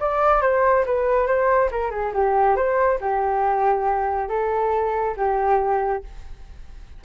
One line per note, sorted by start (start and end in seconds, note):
0.00 0.42 D5
0.42 0.85 C5
0.86 1.27 B4
1.27 1.70 C5
1.71 1.91 A#4
1.91 2.12 G#4
2.13 2.56 G4
2.56 2.99 C5
3.01 4.29 G4
4.29 5.15 A4
5.17 6.03 G4